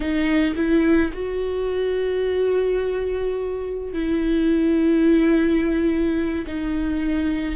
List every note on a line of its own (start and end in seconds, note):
0.00 0.54 D#4
0.56 1.12 E4
1.13 3.93 F#4
3.93 6.45 E4
6.46 7.55 D#4